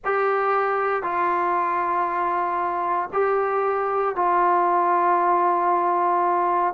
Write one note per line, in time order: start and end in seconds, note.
0.05 1.03 G4
1.03 3.09 F4
3.12 4.15 G4
4.15 6.73 F4